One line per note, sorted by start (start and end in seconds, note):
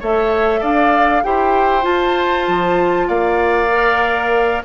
0.00 0.62 A3
0.00 1.24 A4
0.00 0.60 C#5
0.00 0.63 E5
0.60 1.24 D4
0.60 1.22 D5
0.60 1.23 F5
1.23 1.85 E4
1.23 1.82 G4
1.23 3.07 C5
1.23 1.85 G5
1.82 3.67 F4
1.82 2.47 F4
1.82 3.08 A5
2.48 3.09 F3
3.07 4.63 A#3
3.07 4.62 D5
3.07 4.63 F5
3.72 4.65 A#4